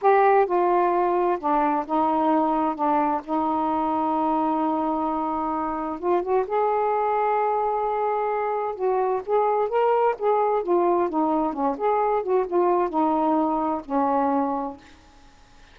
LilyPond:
\new Staff \with { instrumentName = "saxophone" } { \time 4/4 \tempo 4 = 130 g'4 f'2 d'4 | dis'2 d'4 dis'4~ | dis'1~ | dis'4 f'8 fis'8 gis'2~ |
gis'2. fis'4 | gis'4 ais'4 gis'4 f'4 | dis'4 cis'8 gis'4 fis'8 f'4 | dis'2 cis'2 | }